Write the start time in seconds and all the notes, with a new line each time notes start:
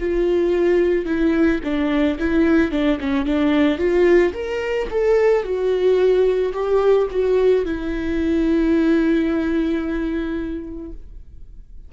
0.00 F4
1.06 E4
1.64 D4
2.19 E4
2.72 D4
3.00 C#4
3.26 D4
3.78 F4
4.33 A#4
4.91 A4
5.43 F#4
6.53 G4
7.11 F#4
7.65 E4